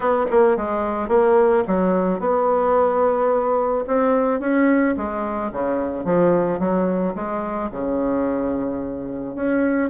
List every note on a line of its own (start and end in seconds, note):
0.00 0.25 B3
0.30 0.57 A#3
0.57 1.08 G#3
1.08 1.63 A#3
1.67 2.19 F#3
2.19 3.84 B3
3.87 4.40 C4
4.40 4.95 C#4
4.96 5.51 G#3
5.52 6.04 C#3
6.04 6.59 F3
6.59 7.14 F#3
7.15 7.70 G#3
7.71 9.35 C#3
9.35 9.90 C#4